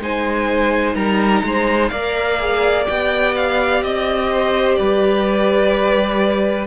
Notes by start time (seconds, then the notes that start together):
0.00 G#3 D#4 C5 G#5
0.95 G3 A#4 A#5
1.43 G#3 C5
1.89 A#3 A#4 D5 F5
2.40 G#4
2.86 B3 G4 G5
3.36 F5
3.83 C4 D#5
4.33 C5
4.75 G3 B4 D5